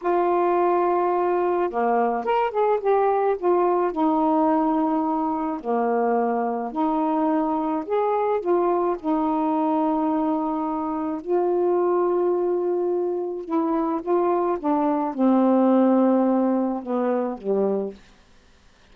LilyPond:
\new Staff \with { instrumentName = "saxophone" } { \time 4/4 \tempo 4 = 107 f'2. ais4 | ais'8 gis'8 g'4 f'4 dis'4~ | dis'2 ais2 | dis'2 gis'4 f'4 |
dis'1 | f'1 | e'4 f'4 d'4 c'4~ | c'2 b4 g4 | }